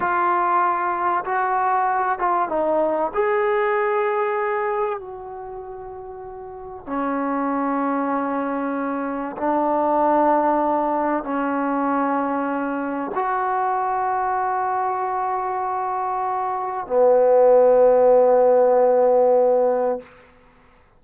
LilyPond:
\new Staff \with { instrumentName = "trombone" } { \time 4/4 \tempo 4 = 96 f'2 fis'4. f'8 | dis'4 gis'2. | fis'2. cis'4~ | cis'2. d'4~ |
d'2 cis'2~ | cis'4 fis'2.~ | fis'2. b4~ | b1 | }